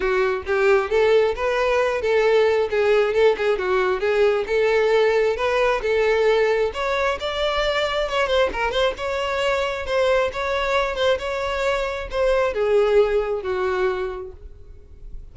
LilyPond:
\new Staff \with { instrumentName = "violin" } { \time 4/4 \tempo 4 = 134 fis'4 g'4 a'4 b'4~ | b'8 a'4. gis'4 a'8 gis'8 | fis'4 gis'4 a'2 | b'4 a'2 cis''4 |
d''2 cis''8 c''8 ais'8 c''8 | cis''2 c''4 cis''4~ | cis''8 c''8 cis''2 c''4 | gis'2 fis'2 | }